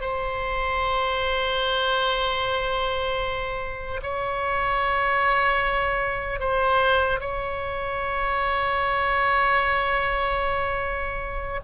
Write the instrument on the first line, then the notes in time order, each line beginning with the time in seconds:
oboe
0.00 C5
4.02 C#5
6.39 C5
7.20 C#5